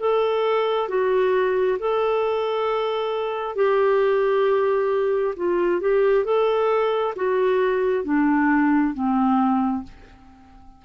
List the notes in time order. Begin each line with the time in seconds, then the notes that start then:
0.00 A4
0.89 F#4
1.80 A4
3.56 G4
5.36 F4
5.81 G4
6.25 A4
7.16 F#4
8.04 D4
8.94 C4